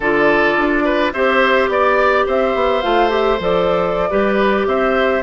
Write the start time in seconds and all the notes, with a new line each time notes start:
0.00 D3 F4 A4 D5
0.56 D4
0.84 B4
1.12 C4 G4 C5 E5
1.68 B3 D5
2.26 C4 C5 E5
2.54 B3
2.82 A3 F4 F5
3.09 G4 E5
3.39 F3 A4 D5
4.09 G3 G4 B4
4.66 C4 C5 E5